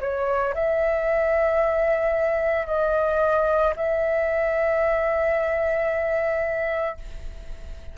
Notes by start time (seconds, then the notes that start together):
0.00 C#5
0.54 E5
2.66 D#5
3.76 E5